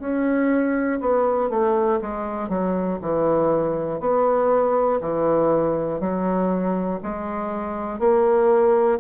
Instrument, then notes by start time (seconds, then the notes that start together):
bassoon
0.00 C#4
1.01 B3
1.50 A3
2.01 G#3
2.50 F#3
3.02 E3
4.01 B3
5.01 E3
6.00 F#3
7.03 G#3
8.00 A#3